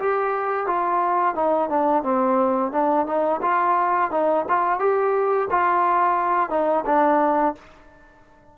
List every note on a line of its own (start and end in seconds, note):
0.00 0.67 G4
0.67 1.35 F4
1.35 1.70 D#4
1.70 2.03 D4
2.03 2.72 C4
2.72 3.07 D4
3.07 3.41 D#4
3.42 4.11 F4
4.12 4.46 D#4
4.49 4.80 F4
4.80 5.49 G4
5.51 6.50 F4
6.50 6.85 D#4
6.86 7.55 D4